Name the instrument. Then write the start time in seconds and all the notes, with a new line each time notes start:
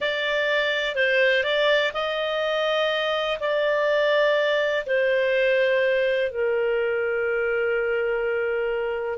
clarinet
0.00 D5
0.95 C5
1.43 D5
1.93 D#5
3.40 D5
4.86 C5
6.31 A#4